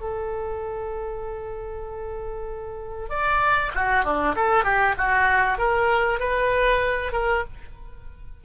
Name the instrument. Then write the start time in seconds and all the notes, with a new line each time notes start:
oboe
0.00 A4
3.09 D5
3.74 F#4
4.04 D4
4.35 A4
4.64 G4
4.97 F#4
5.58 A#4
6.19 B4
7.12 A#4